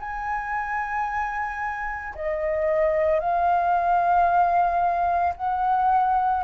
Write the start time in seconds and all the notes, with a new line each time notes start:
0.00 G#5
2.15 D#5
3.19 F5
5.37 F#5